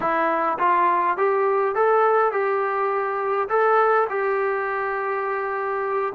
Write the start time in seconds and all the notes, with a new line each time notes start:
0.00 E4
0.58 F4
1.17 G4
1.75 A4
2.31 G4
3.49 A4
4.09 G4